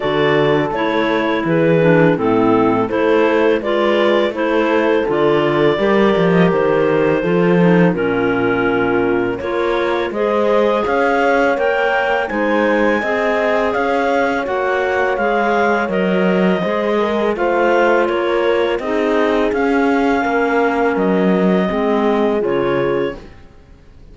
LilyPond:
<<
  \new Staff \with { instrumentName = "clarinet" } { \time 4/4 \tempo 4 = 83 d''4 cis''4 b'4 a'4 | c''4 d''4 c''4 d''4~ | d''8. dis''16 c''2 ais'4~ | ais'4 cis''4 dis''4 f''4 |
g''4 gis''2 f''4 | fis''4 f''4 dis''2 | f''4 cis''4 dis''4 f''4~ | f''4 dis''2 cis''4 | }
  \new Staff \with { instrumentName = "horn" } { \time 4/4 a'2 gis'4 e'4 | a'4 b'4 a'2 | ais'2 a'4 f'4~ | f'4 ais'4 c''4 cis''4~ |
cis''4 c''4 dis''4 cis''4~ | cis''2. c''8 ais'8 | c''4 ais'4 gis'2 | ais'2 gis'2 | }
  \new Staff \with { instrumentName = "clarinet" } { \time 4/4 fis'4 e'4. d'8 c'4 | e'4 f'4 e'4 f'4 | g'2 f'8 dis'8 cis'4~ | cis'4 f'4 gis'2 |
ais'4 dis'4 gis'2 | fis'4 gis'4 ais'4 gis'4 | f'2 dis'4 cis'4~ | cis'2 c'4 f'4 | }
  \new Staff \with { instrumentName = "cello" } { \time 4/4 d4 a4 e4 a,4 | a4 gis4 a4 d4 | g8 f8 dis4 f4 ais,4~ | ais,4 ais4 gis4 cis'4 |
ais4 gis4 c'4 cis'4 | ais4 gis4 fis4 gis4 | a4 ais4 c'4 cis'4 | ais4 fis4 gis4 cis4 | }
>>